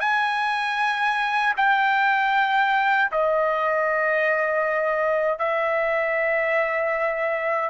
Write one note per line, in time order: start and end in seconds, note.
0.00 1.54 G#5
1.57 3.11 G5
3.12 5.39 D#5
5.39 7.70 E5